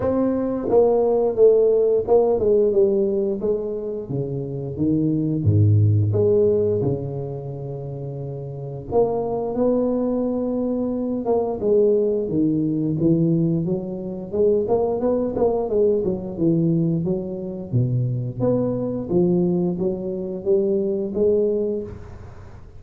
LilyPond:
\new Staff \with { instrumentName = "tuba" } { \time 4/4 \tempo 4 = 88 c'4 ais4 a4 ais8 gis8 | g4 gis4 cis4 dis4 | gis,4 gis4 cis2~ | cis4 ais4 b2~ |
b8 ais8 gis4 dis4 e4 | fis4 gis8 ais8 b8 ais8 gis8 fis8 | e4 fis4 b,4 b4 | f4 fis4 g4 gis4 | }